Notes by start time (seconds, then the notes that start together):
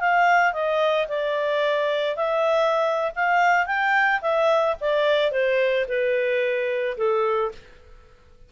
0.00 F5
0.53 D#5
1.08 D5
2.16 E5
3.16 F5
3.66 G5
4.21 E5
4.81 D5
5.32 C5
5.88 B4
6.97 A4